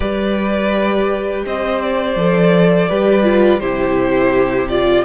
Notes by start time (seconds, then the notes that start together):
0.00 G3 G4 B4 D5
1.45 C4 C5 D#5
1.81 D5
2.16 F3 A4
2.89 G3 G4 B4
3.23 F4
3.59 C3 E4 G4 C5
4.68 F4 D5